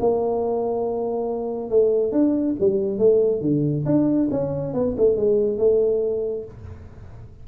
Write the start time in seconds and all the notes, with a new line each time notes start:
0.00 A#3
1.70 A3
2.12 D4
2.60 G3
2.98 A3
3.42 D3
3.86 D4
4.31 C#4
4.74 B3
4.97 A3
5.16 G#3
5.58 A3